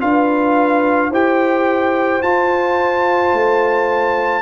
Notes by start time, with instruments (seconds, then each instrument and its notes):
0.00 tuba D4, trombone F4, horn B4, trumpet F5
1.10 tuba E4, trombone G4, horn C5, trumpet G5
2.22 tuba F4, trombone F4, trumpet A5
3.33 tuba A3